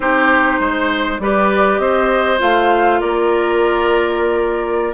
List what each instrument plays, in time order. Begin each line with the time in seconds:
0.00 bassoon C4, clarinet D#4, oboe G4, flute C5
0.59 bassoon G#3, oboe C5
1.19 bassoon G3, clarinet G4, oboe B4, flute D5
1.79 bassoon C4, oboe C5, flute D#5
2.38 bassoon A3, clarinet F4, flute F5
3.00 bassoon A#3, oboe A#4, flute D5